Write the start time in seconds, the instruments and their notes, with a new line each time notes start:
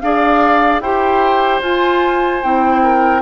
0.00 bassoon D4, clarinet G#4, oboe D5, flute F5
0.81 bassoon E4, clarinet G4, oboe C5, flute G5
1.61 bassoon F4, clarinet F4, flute G#5
2.43 bassoon C4, clarinet E4, flute G5
2.83 oboe A#4